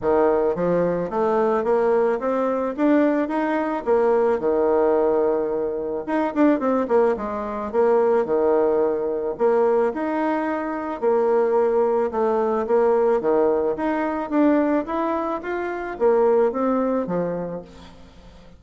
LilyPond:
\new Staff \with { instrumentName = "bassoon" } { \time 4/4 \tempo 4 = 109 dis4 f4 a4 ais4 | c'4 d'4 dis'4 ais4 | dis2. dis'8 d'8 | c'8 ais8 gis4 ais4 dis4~ |
dis4 ais4 dis'2 | ais2 a4 ais4 | dis4 dis'4 d'4 e'4 | f'4 ais4 c'4 f4 | }